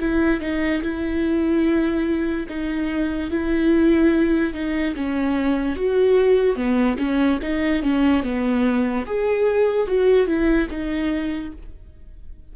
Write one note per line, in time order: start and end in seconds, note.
0.00 0.41 E4
0.41 0.82 D#4
0.83 2.47 E4
2.49 3.31 D#4
3.31 4.54 E4
4.54 4.95 D#4
4.96 5.76 C#4
5.76 6.56 F#4
6.56 6.98 B3
6.99 7.40 C#4
7.42 7.83 D#4
7.83 8.23 C#4
8.23 9.06 B3
9.06 9.87 G#4
9.87 10.27 F#4
10.27 10.68 E4
10.70 11.52 D#4